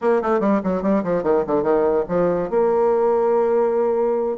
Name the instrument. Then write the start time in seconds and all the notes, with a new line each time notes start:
bassoon
0.01 A#3
0.22 A3
0.40 G3
0.63 F#3
0.82 G3
1.03 F3
1.23 D#3
1.46 D3
1.62 D#3
2.08 F3
2.50 A#3